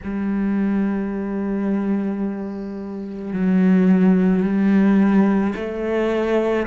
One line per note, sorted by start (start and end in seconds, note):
0.03 3.32 G3
3.32 4.42 F#3
4.42 5.54 G3
5.55 6.66 A3